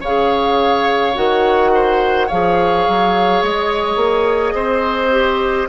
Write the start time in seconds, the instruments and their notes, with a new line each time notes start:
0.00 bassoon C#3, clarinet G#4, oboe C#5, flute F5
1.14 bassoon D#3, clarinet F#4, flute F#5
1.74 oboe C5
2.27 bassoon F3, clarinet G#4, oboe C#5, flute F5
2.88 bassoon F#3
3.42 bassoon G#3, flute D#5
3.96 bassoon A#3
4.53 bassoon C4, oboe C5
5.11 clarinet G4